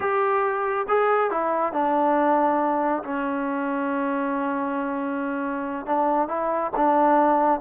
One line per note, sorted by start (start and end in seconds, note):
0.00 0.86 G4
0.88 1.30 G#4
1.30 1.73 E4
1.73 3.03 D4
3.03 5.86 C#4
5.86 6.28 D4
6.28 6.71 E4
6.76 7.60 D4